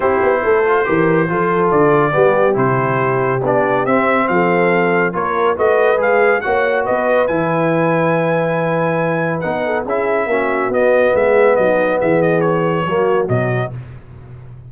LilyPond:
<<
  \new Staff \with { instrumentName = "trumpet" } { \time 4/4 \tempo 4 = 140 c''1 | d''2 c''2 | d''4 e''4 f''2 | cis''4 dis''4 f''4 fis''4 |
dis''4 gis''2.~ | gis''2 fis''4 e''4~ | e''4 dis''4 e''4 dis''4 | e''8 dis''8 cis''2 dis''4 | }
  \new Staff \with { instrumentName = "horn" } { \time 4/4 g'4 a'4 ais'4 a'4~ | a'4 g'2.~ | g'2 a'2 | ais'4 b'2 cis''4 |
b'1~ | b'2~ b'8 a'8 gis'4 | fis'2 gis'4 dis'4 | gis'2 fis'2 | }
  \new Staff \with { instrumentName = "trombone" } { \time 4/4 e'4. f'8 g'4 f'4~ | f'4 b4 e'2 | d'4 c'2. | f'4 fis'4 gis'4 fis'4~ |
fis'4 e'2.~ | e'2 dis'4 e'4 | cis'4 b2.~ | b2 ais4 fis4 | }
  \new Staff \with { instrumentName = "tuba" } { \time 4/4 c'8 b8 a4 e4 f4 | d4 g4 c2 | b4 c'4 f2 | ais4 a4 gis4 ais4 |
b4 e2.~ | e2 b4 cis'4 | ais4 b4 gis4 fis4 | e2 fis4 b,4 | }
>>